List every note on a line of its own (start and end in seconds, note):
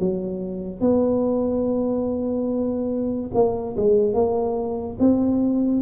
0.00 0.81 F#3
0.81 3.31 B3
3.34 3.76 A#3
3.77 4.14 G#3
4.14 4.97 A#3
5.00 5.82 C4